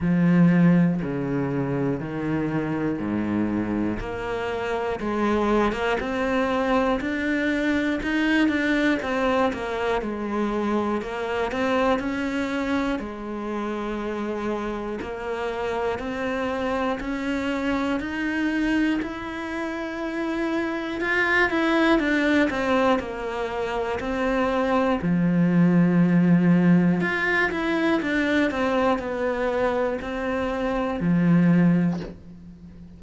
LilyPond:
\new Staff \with { instrumentName = "cello" } { \time 4/4 \tempo 4 = 60 f4 cis4 dis4 gis,4 | ais4 gis8. ais16 c'4 d'4 | dis'8 d'8 c'8 ais8 gis4 ais8 c'8 | cis'4 gis2 ais4 |
c'4 cis'4 dis'4 e'4~ | e'4 f'8 e'8 d'8 c'8 ais4 | c'4 f2 f'8 e'8 | d'8 c'8 b4 c'4 f4 | }